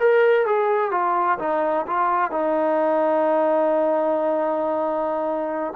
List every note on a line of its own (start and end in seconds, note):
0.00 0.46 A#4
0.46 0.91 G#4
0.91 1.39 F4
1.39 1.86 D#4
1.87 2.31 F4
2.31 5.74 D#4